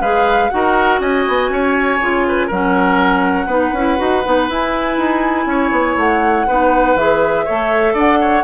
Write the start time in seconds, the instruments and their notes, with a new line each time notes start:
0.00 bassoon G#3, clarinet G#4, oboe B4, flute F5
0.50 bassoon D#4, clarinet F#4, oboe A#4, flute F#5
1.00 bassoon C#4, oboe D#5, flute G#5
1.28 bassoon B3
1.49 bassoon C#4, oboe C#5
2.01 bassoon C#3, clarinet F4
2.28 oboe B4
2.47 bassoon F#3, clarinet C#4, oboe A#4, flute F#5
3.46 bassoon B3, clarinet D#4, oboe B4
3.73 bassoon C#4, clarinet E4
3.98 bassoon D#4, clarinet F#4
4.24 bassoon B3, clarinet D#4
4.49 bassoon E4, clarinet E4, flute G#5
4.98 bassoon D#4
5.46 bassoon C#4, oboe C#5
5.71 bassoon B3
5.97 bassoon A3, flute F#5
6.47 bassoon B3, clarinet D#4, oboe B4
6.95 bassoon E3, clarinet G#4, flute E5
7.45 bassoon A3, clarinet A4, oboe C#5
7.94 bassoon D4, oboe D5, flute F#5
8.21 oboe C#5